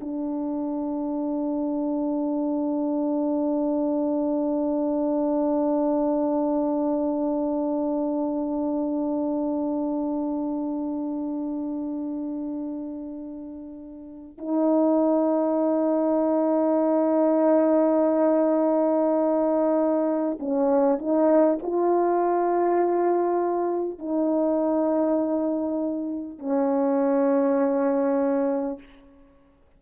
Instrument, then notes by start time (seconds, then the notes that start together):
horn
0.00 D4
14.38 D#4
20.39 C#4
20.98 D#4
21.62 F4
23.98 D#4
26.38 C#4